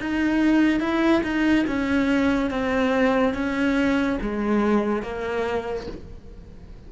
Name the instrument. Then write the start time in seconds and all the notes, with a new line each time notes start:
cello
0.00 D#4
0.80 E4
1.23 D#4
1.67 C#4
2.50 C4
3.34 C#4
4.21 G#3
5.02 A#3